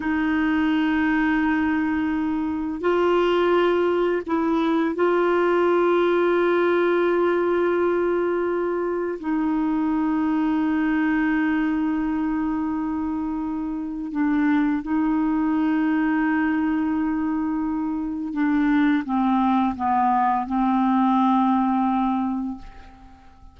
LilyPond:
\new Staff \with { instrumentName = "clarinet" } { \time 4/4 \tempo 4 = 85 dis'1 | f'2 e'4 f'4~ | f'1~ | f'4 dis'2.~ |
dis'1 | d'4 dis'2.~ | dis'2 d'4 c'4 | b4 c'2. | }